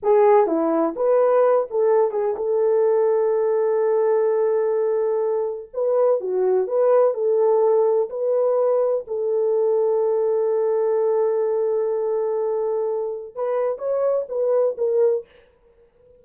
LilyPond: \new Staff \with { instrumentName = "horn" } { \time 4/4 \tempo 4 = 126 gis'4 e'4 b'4. a'8~ | a'8 gis'8 a'2.~ | a'1 | b'4 fis'4 b'4 a'4~ |
a'4 b'2 a'4~ | a'1~ | a'1 | b'4 cis''4 b'4 ais'4 | }